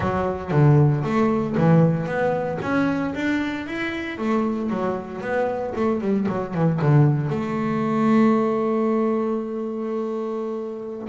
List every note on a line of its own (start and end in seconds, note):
0.00 0.51 F#3
0.51 1.03 D3
1.04 1.56 A3
1.57 2.06 E3
2.06 2.58 B3
2.61 3.14 C#4
3.14 3.66 D4
3.66 4.17 E4
4.17 4.70 A3
4.70 5.21 F#3
5.21 5.73 B3
5.75 6.00 A3
6.00 6.26 G3
6.28 6.53 F#3
6.53 6.79 E3
6.81 7.29 D3
7.29 11.08 A3